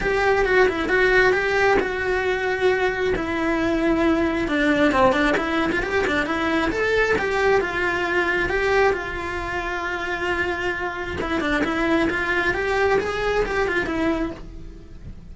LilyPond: \new Staff \with { instrumentName = "cello" } { \time 4/4 \tempo 4 = 134 g'4 fis'8 e'8 fis'4 g'4 | fis'2. e'4~ | e'2 d'4 c'8 d'8 | e'8. f'16 g'8 d'8 e'4 a'4 |
g'4 f'2 g'4 | f'1~ | f'4 e'8 d'8 e'4 f'4 | g'4 gis'4 g'8 f'8 e'4 | }